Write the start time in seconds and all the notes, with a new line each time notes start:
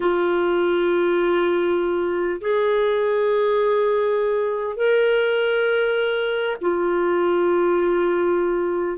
0.00 F4
2.41 G#4
4.76 A#4
6.61 F4